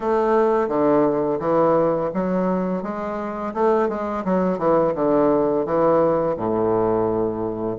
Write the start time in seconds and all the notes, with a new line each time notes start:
0.00 A3
0.68 D3
1.39 E3
2.14 F#3
2.82 G#3
3.54 A3
3.88 G#3
4.24 F#3
4.58 E3
4.94 D3
5.65 E3
6.37 A2